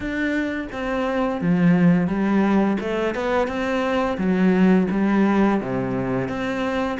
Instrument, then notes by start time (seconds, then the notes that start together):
cello
0.00 D4
0.72 C4
1.41 F3
2.07 G3
2.80 A3
3.15 B3
3.47 C4
4.17 F#3
4.91 G3
5.60 C3
6.28 C4